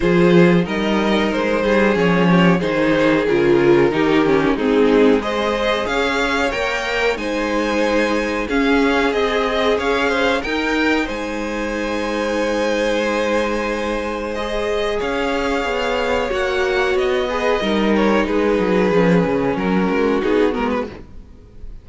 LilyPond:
<<
  \new Staff \with { instrumentName = "violin" } { \time 4/4 \tempo 4 = 92 c''4 dis''4 c''4 cis''4 | c''4 ais'2 gis'4 | dis''4 f''4 g''4 gis''4~ | gis''4 f''4 dis''4 f''4 |
g''4 gis''2.~ | gis''2 dis''4 f''4~ | f''4 fis''4 dis''4. cis''8 | b'2 ais'4 gis'8 ais'16 b'16 | }
  \new Staff \with { instrumentName = "violin" } { \time 4/4 gis'4 ais'4. gis'4 g'8 | gis'2 g'4 dis'4 | c''4 cis''2 c''4~ | c''4 gis'2 cis''8 c''8 |
ais'4 c''2.~ | c''2. cis''4~ | cis''2~ cis''8 b'8 ais'4 | gis'2 fis'2 | }
  \new Staff \with { instrumentName = "viola" } { \time 4/4 f'4 dis'2 cis'4 | dis'4 f'4 dis'8 cis'8 c'4 | gis'2 ais'4 dis'4~ | dis'4 cis'4 gis'2 |
dis'1~ | dis'2 gis'2~ | gis'4 fis'4. gis'8 dis'4~ | dis'4 cis'2 dis'8 b8 | }
  \new Staff \with { instrumentName = "cello" } { \time 4/4 f4 g4 gis8 g8 f4 | dis4 cis4 dis4 gis4~ | gis4 cis'4 ais4 gis4~ | gis4 cis'4 c'4 cis'4 |
dis'4 gis2.~ | gis2. cis'4 | b4 ais4 b4 g4 | gis8 fis8 f8 cis8 fis8 gis8 b8 gis8 | }
>>